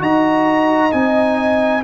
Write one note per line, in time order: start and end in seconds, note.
0.00 0.92 D#4
0.00 0.91 F#4
0.00 1.84 D#5
0.00 0.92 A#5
0.91 1.84 C4
0.91 1.82 D#4
0.91 1.83 G#5